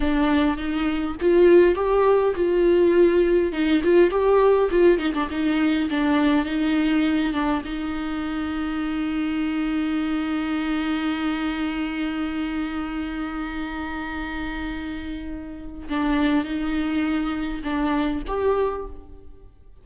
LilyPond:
\new Staff \with { instrumentName = "viola" } { \time 4/4 \tempo 4 = 102 d'4 dis'4 f'4 g'4 | f'2 dis'8 f'8 g'4 | f'8 dis'16 d'16 dis'4 d'4 dis'4~ | dis'8 d'8 dis'2.~ |
dis'1~ | dis'1~ | dis'2. d'4 | dis'2 d'4 g'4 | }